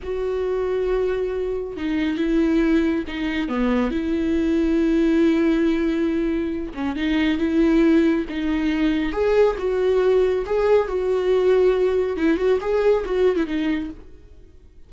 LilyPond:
\new Staff \with { instrumentName = "viola" } { \time 4/4 \tempo 4 = 138 fis'1 | dis'4 e'2 dis'4 | b4 e'2.~ | e'2.~ e'8 cis'8 |
dis'4 e'2 dis'4~ | dis'4 gis'4 fis'2 | gis'4 fis'2. | e'8 fis'8 gis'4 fis'8. e'16 dis'4 | }